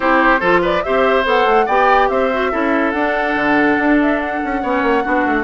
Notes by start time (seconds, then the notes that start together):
0.00 C4 E4 G4 C5
0.40 F3 F4 A4
0.61 B4 D5
0.83 C4 G4 C5 E5
1.24 B3 A4 F#5
1.45 A3
1.65 B3 G4 D5 G5
2.08 C4 C5 E5
2.32 F#4
2.51 C#4 E4 A4
2.91 D4 F#5
3.35 D3
3.78 D4
4.01 E5
4.20 F#5
4.44 C#4
4.62 B3 C#4 C#5
4.82 A#3
5.03 B3 D4 F#4
5.26 A3